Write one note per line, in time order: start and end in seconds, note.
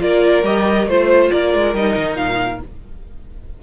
0.00 0.43 A#3
0.00 0.43 F4
0.00 0.90 A#4
0.00 0.46 D5
0.43 0.87 G3
0.43 0.87 G4
0.43 0.89 D#5
0.87 1.31 A3
0.87 1.76 F4
0.87 1.31 C5
0.87 1.33 C5
1.31 1.54 A#3
1.31 2.63 A#4
1.31 1.75 D5
1.54 1.75 G#3
1.75 1.96 G3
1.75 2.63 D#4
1.75 2.17 D#5
1.97 2.16 D#3
2.16 2.59 A#2
2.16 2.60 F5